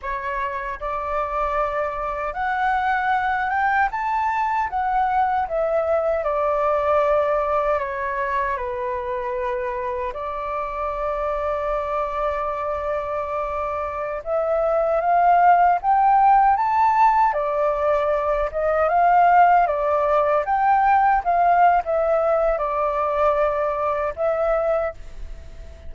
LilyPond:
\new Staff \with { instrumentName = "flute" } { \time 4/4 \tempo 4 = 77 cis''4 d''2 fis''4~ | fis''8 g''8 a''4 fis''4 e''4 | d''2 cis''4 b'4~ | b'4 d''2.~ |
d''2~ d''16 e''4 f''8.~ | f''16 g''4 a''4 d''4. dis''16~ | dis''16 f''4 d''4 g''4 f''8. | e''4 d''2 e''4 | }